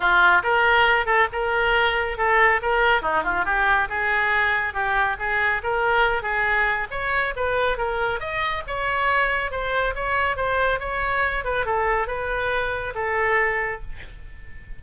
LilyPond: \new Staff \with { instrumentName = "oboe" } { \time 4/4 \tempo 4 = 139 f'4 ais'4. a'8 ais'4~ | ais'4 a'4 ais'4 dis'8 f'8 | g'4 gis'2 g'4 | gis'4 ais'4. gis'4. |
cis''4 b'4 ais'4 dis''4 | cis''2 c''4 cis''4 | c''4 cis''4. b'8 a'4 | b'2 a'2 | }